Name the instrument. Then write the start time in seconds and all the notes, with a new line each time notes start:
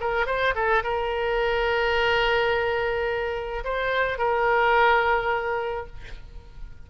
oboe
0.00 A#4
0.26 C5
0.55 A4
0.84 A#4
3.64 C5
4.18 A#4